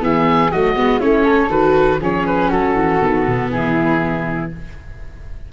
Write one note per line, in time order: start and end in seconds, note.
0.00 0.51 E3
0.00 0.50 B3
0.00 0.52 G#4
0.00 0.51 E5
0.51 0.77 F#3
0.51 0.76 A3
0.51 0.99 F#4
0.51 1.00 D#5
0.76 1.02 G#3
0.76 1.00 B3
0.99 1.48 A3
0.99 1.49 C#4
0.99 1.23 E4
0.99 1.50 C#5
1.23 1.98 A4
1.48 1.98 D#3
1.48 1.99 F#4
1.48 2.00 B4
2.01 2.51 F3
2.01 3.01 C#4
2.01 2.49 G#4
2.01 2.27 C#5
2.27 2.51 B4
2.49 2.74 F#3
2.49 3.49 F#4
2.49 3.51 A4
2.74 2.99 E3
3.01 3.26 D#3
3.01 4.51 B3
3.26 3.50 B2
3.50 4.50 E3
3.50 4.53 E4
3.50 4.51 G#4